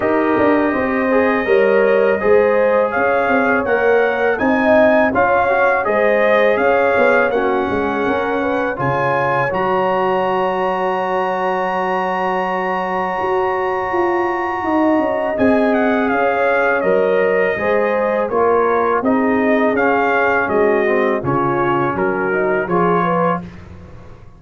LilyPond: <<
  \new Staff \with { instrumentName = "trumpet" } { \time 4/4 \tempo 4 = 82 dis''1 | f''4 fis''4 gis''4 f''4 | dis''4 f''4 fis''2 | gis''4 ais''2.~ |
ais''1~ | ais''4 gis''8 fis''8 f''4 dis''4~ | dis''4 cis''4 dis''4 f''4 | dis''4 cis''4 ais'4 cis''4 | }
  \new Staff \with { instrumentName = "horn" } { \time 4/4 ais'4 c''4 cis''4 c''4 | cis''2 dis''4 cis''4 | c''4 cis''4 fis'8 gis'8 ais'8 b'8 | cis''1~ |
cis''1 | dis''2 cis''2 | c''4 ais'4 gis'2 | fis'4 f'4 fis'4 gis'8 b'8 | }
  \new Staff \with { instrumentName = "trombone" } { \time 4/4 g'4. gis'8 ais'4 gis'4~ | gis'4 ais'4 dis'4 f'8 fis'8 | gis'2 cis'2 | f'4 fis'2.~ |
fis'1~ | fis'4 gis'2 ais'4 | gis'4 f'4 dis'4 cis'4~ | cis'8 c'8 cis'4. dis'8 f'4 | }
  \new Staff \with { instrumentName = "tuba" } { \time 4/4 dis'8 d'8 c'4 g4 gis4 | cis'8 c'8 ais4 c'4 cis'4 | gis4 cis'8 b8 ais8 gis8 cis'4 | cis4 fis2.~ |
fis2 fis'4 f'4 | dis'8 cis'8 c'4 cis'4 fis4 | gis4 ais4 c'4 cis'4 | gis4 cis4 fis4 f4 | }
>>